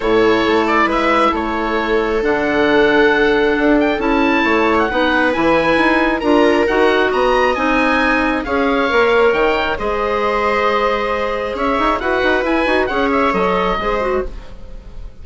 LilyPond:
<<
  \new Staff \with { instrumentName = "oboe" } { \time 4/4 \tempo 4 = 135 cis''4. d''8 e''4 cis''4~ | cis''4 fis''2.~ | fis''8 g''8 a''4.~ a''16 fis''4~ fis''16 | gis''2 ais''4 fis''4 |
ais''4 gis''2 f''4~ | f''4 g''4 dis''2~ | dis''2 e''4 fis''4 | gis''4 fis''8 e''8 dis''2 | }
  \new Staff \with { instrumentName = "viola" } { \time 4/4 a'2 b'4 a'4~ | a'1~ | a'2 cis''4 b'4~ | b'2 ais'2 |
dis''2. cis''4~ | cis''2 c''2~ | c''2 cis''4 b'4~ | b'4 cis''2 c''4 | }
  \new Staff \with { instrumentName = "clarinet" } { \time 4/4 e'1~ | e'4 d'2.~ | d'4 e'2 dis'4 | e'2 f'4 fis'4~ |
fis'4 dis'2 gis'4 | ais'2 gis'2~ | gis'2. fis'4 | e'8 fis'8 gis'4 a'4 gis'8 fis'8 | }
  \new Staff \with { instrumentName = "bassoon" } { \time 4/4 a,4 a4 gis4 a4~ | a4 d2. | d'4 cis'4 a4 b4 | e4 dis'4 d'4 dis'4 |
b4 c'2 cis'4 | ais4 dis4 gis2~ | gis2 cis'8 dis'8 e'8 dis'8 | e'8 dis'8 cis'4 fis4 gis4 | }
>>